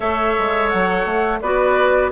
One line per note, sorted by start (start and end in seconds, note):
0.00 0.35 A3
0.00 1.41 A4
0.00 1.38 C#5
0.00 0.69 E5
0.38 0.73 G#3
0.69 1.05 F#3
0.69 1.39 F#5
1.05 1.40 A3
1.40 2.11 B3
1.40 2.11 F#4
1.40 2.11 B4
1.40 2.11 D5